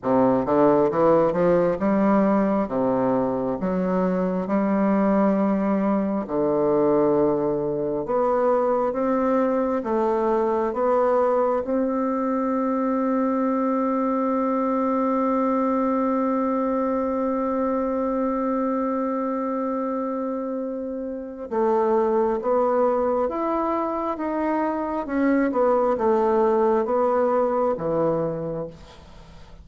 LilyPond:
\new Staff \with { instrumentName = "bassoon" } { \time 4/4 \tempo 4 = 67 c8 d8 e8 f8 g4 c4 | fis4 g2 d4~ | d4 b4 c'4 a4 | b4 c'2.~ |
c'1~ | c'1 | a4 b4 e'4 dis'4 | cis'8 b8 a4 b4 e4 | }